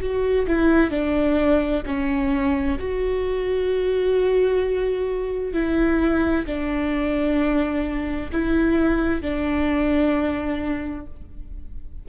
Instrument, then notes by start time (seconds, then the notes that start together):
viola
0.00 F#4
0.47 E4
0.90 D4
1.86 C#4
2.79 F#4
5.53 E4
6.46 D4
8.32 E4
9.21 D4